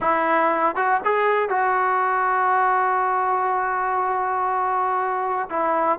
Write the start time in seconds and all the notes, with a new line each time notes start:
0.00 E4
0.75 F#4
1.04 G#4
1.49 F#4
5.49 E4